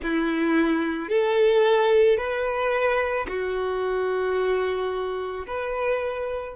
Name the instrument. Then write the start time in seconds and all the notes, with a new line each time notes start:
violin
0.02 E4
1.09 A4
2.17 B4
3.28 F#4
5.46 B4